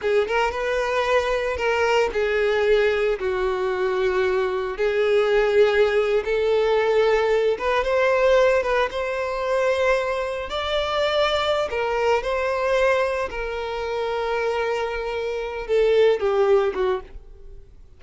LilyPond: \new Staff \with { instrumentName = "violin" } { \time 4/4 \tempo 4 = 113 gis'8 ais'8 b'2 ais'4 | gis'2 fis'2~ | fis'4 gis'2~ gis'8. a'16~ | a'2~ a'16 b'8 c''4~ c''16~ |
c''16 b'8 c''2. d''16~ | d''2 ais'4 c''4~ | c''4 ais'2.~ | ais'4. a'4 g'4 fis'8 | }